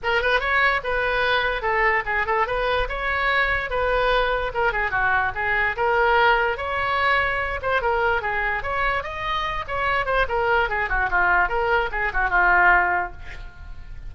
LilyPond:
\new Staff \with { instrumentName = "oboe" } { \time 4/4 \tempo 4 = 146 ais'8 b'8 cis''4 b'2 | a'4 gis'8 a'8 b'4 cis''4~ | cis''4 b'2 ais'8 gis'8 | fis'4 gis'4 ais'2 |
cis''2~ cis''8 c''8 ais'4 | gis'4 cis''4 dis''4. cis''8~ | cis''8 c''8 ais'4 gis'8 fis'8 f'4 | ais'4 gis'8 fis'8 f'2 | }